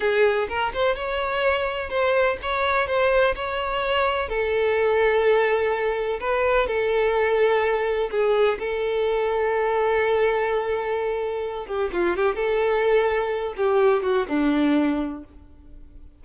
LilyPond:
\new Staff \with { instrumentName = "violin" } { \time 4/4 \tempo 4 = 126 gis'4 ais'8 c''8 cis''2 | c''4 cis''4 c''4 cis''4~ | cis''4 a'2.~ | a'4 b'4 a'2~ |
a'4 gis'4 a'2~ | a'1~ | a'8 g'8 f'8 g'8 a'2~ | a'8 g'4 fis'8 d'2 | }